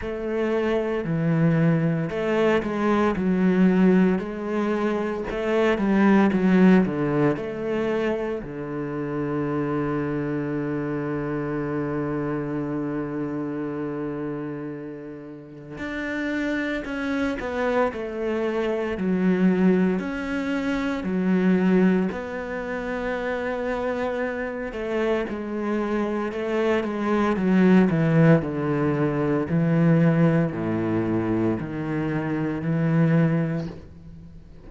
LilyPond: \new Staff \with { instrumentName = "cello" } { \time 4/4 \tempo 4 = 57 a4 e4 a8 gis8 fis4 | gis4 a8 g8 fis8 d8 a4 | d1~ | d2. d'4 |
cis'8 b8 a4 fis4 cis'4 | fis4 b2~ b8 a8 | gis4 a8 gis8 fis8 e8 d4 | e4 a,4 dis4 e4 | }